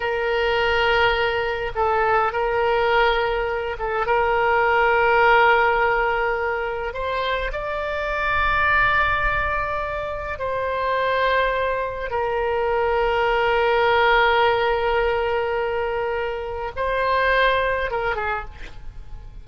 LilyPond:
\new Staff \with { instrumentName = "oboe" } { \time 4/4 \tempo 4 = 104 ais'2. a'4 | ais'2~ ais'8 a'8 ais'4~ | ais'1 | c''4 d''2.~ |
d''2 c''2~ | c''4 ais'2.~ | ais'1~ | ais'4 c''2 ais'8 gis'8 | }